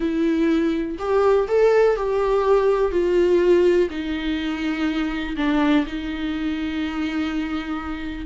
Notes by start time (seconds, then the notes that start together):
0.00 E4
0.99 G4
1.48 A4
1.96 G4
2.91 F4
3.89 D#4
5.37 D4
5.86 D#4